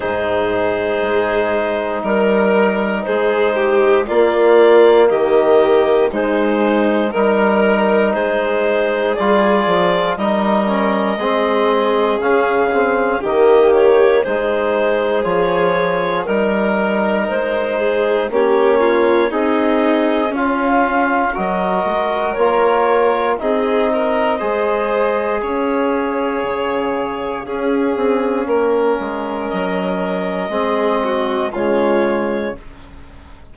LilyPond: <<
  \new Staff \with { instrumentName = "clarinet" } { \time 4/4 \tempo 4 = 59 c''2 ais'4 c''4 | d''4 dis''4 c''4 ais'4 | c''4 d''4 dis''2 | f''4 dis''8 cis''8 c''4 cis''4 |
ais'4 c''4 cis''4 dis''4 | f''4 dis''4 cis''4 dis''4~ | dis''4 f''2.~ | f''4 dis''2 cis''4 | }
  \new Staff \with { instrumentName = "violin" } { \time 4/4 gis'2 ais'4 gis'8 g'8 | f'4 g'4 dis'4 ais'4 | gis'2 ais'4 gis'4~ | gis'4 g'4 gis'2 |
ais'4. gis'8 g'8 f'8 dis'4 | cis'4 ais'2 gis'8 ais'8 | c''4 cis''2 gis'4 | ais'2 gis'8 fis'8 f'4 | }
  \new Staff \with { instrumentName = "trombone" } { \time 4/4 dis'1 | ais2 gis4 dis'4~ | dis'4 f'4 dis'8 cis'8 c'4 | cis'8 c'8 ais4 dis'4 f'4 |
dis'2 cis'4 gis'4 | f'4 fis'4 f'4 dis'4 | gis'2. cis'4~ | cis'2 c'4 gis4 | }
  \new Staff \with { instrumentName = "bassoon" } { \time 4/4 gis,4 gis4 g4 gis4 | ais4 dis4 gis4 g4 | gis4 g8 f8 g4 gis4 | cis4 dis4 gis4 f4 |
g4 gis4 ais4 c'4 | cis'4 fis8 gis8 ais4 c'4 | gis4 cis'4 cis4 cis'8 c'8 | ais8 gis8 fis4 gis4 cis4 | }
>>